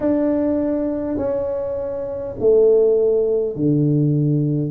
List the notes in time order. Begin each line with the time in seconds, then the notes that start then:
0.00 D4
1.17 C#4
2.39 A3
3.56 D3